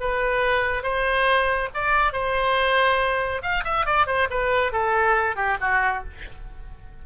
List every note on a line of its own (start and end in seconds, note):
0.00 0.82 B4
0.82 1.69 C5
1.74 2.12 D5
2.12 3.42 C5
3.42 3.64 F5
3.64 3.85 E5
3.86 4.06 D5
4.06 4.28 C5
4.30 4.72 B4
4.72 5.35 A4
5.35 5.57 G4
5.60 6.04 F#4